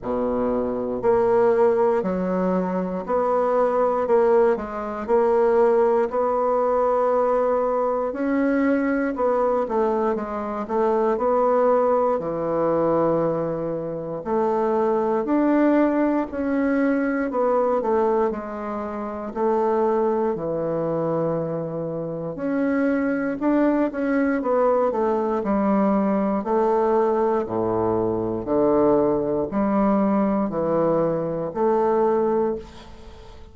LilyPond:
\new Staff \with { instrumentName = "bassoon" } { \time 4/4 \tempo 4 = 59 b,4 ais4 fis4 b4 | ais8 gis8 ais4 b2 | cis'4 b8 a8 gis8 a8 b4 | e2 a4 d'4 |
cis'4 b8 a8 gis4 a4 | e2 cis'4 d'8 cis'8 | b8 a8 g4 a4 a,4 | d4 g4 e4 a4 | }